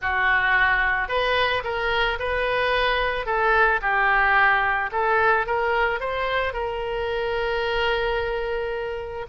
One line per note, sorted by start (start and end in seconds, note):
0.01 1.08 F#4
1.08 1.62 B4
1.64 2.18 A#4
2.19 3.26 B4
3.26 3.80 A4
3.81 4.90 G4
4.92 5.46 A4
5.46 6.00 A#4
6.00 6.53 C5
6.53 9.26 A#4